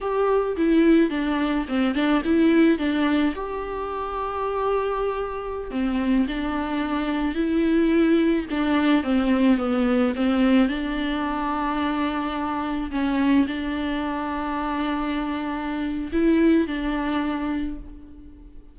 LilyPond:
\new Staff \with { instrumentName = "viola" } { \time 4/4 \tempo 4 = 108 g'4 e'4 d'4 c'8 d'8 | e'4 d'4 g'2~ | g'2~ g'16 c'4 d'8.~ | d'4~ d'16 e'2 d'8.~ |
d'16 c'4 b4 c'4 d'8.~ | d'2.~ d'16 cis'8.~ | cis'16 d'2.~ d'8.~ | d'4 e'4 d'2 | }